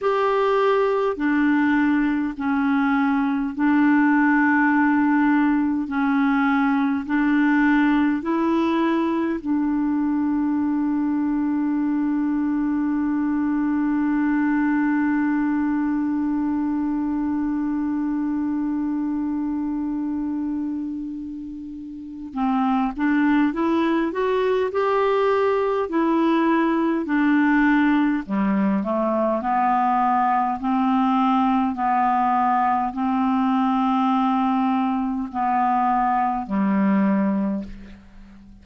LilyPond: \new Staff \with { instrumentName = "clarinet" } { \time 4/4 \tempo 4 = 51 g'4 d'4 cis'4 d'4~ | d'4 cis'4 d'4 e'4 | d'1~ | d'1~ |
d'2. c'8 d'8 | e'8 fis'8 g'4 e'4 d'4 | g8 a8 b4 c'4 b4 | c'2 b4 g4 | }